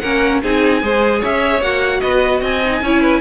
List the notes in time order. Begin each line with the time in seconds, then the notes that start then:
0.00 A#3 C#4 A#4 F#5
0.43 C4 D#4 G#4 G#5
0.82 G#3 G#4 C5
1.20 C#4 C#5 E5
1.61 A#3 F#4 F#5
2.00 B3 B4 D#5
2.41 C4 D#5 G#5
2.65 D#4
2.81 C#4 E4 C#5
3.01 B4